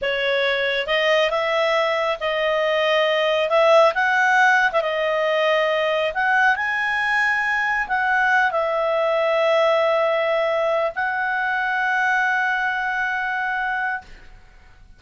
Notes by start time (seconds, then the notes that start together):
0.01 C#5
0.86 D#5
1.30 E5
2.20 D#5
3.49 E5
3.94 F#5
4.72 E5
4.81 D#5
6.13 F#5
6.56 G#5
7.88 F#5
8.51 E5
10.95 F#5